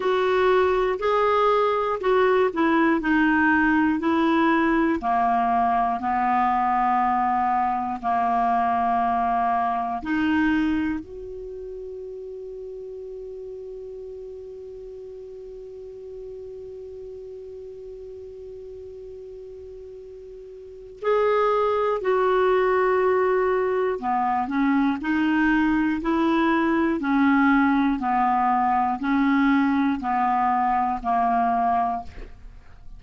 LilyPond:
\new Staff \with { instrumentName = "clarinet" } { \time 4/4 \tempo 4 = 60 fis'4 gis'4 fis'8 e'8 dis'4 | e'4 ais4 b2 | ais2 dis'4 fis'4~ | fis'1~ |
fis'1~ | fis'4 gis'4 fis'2 | b8 cis'8 dis'4 e'4 cis'4 | b4 cis'4 b4 ais4 | }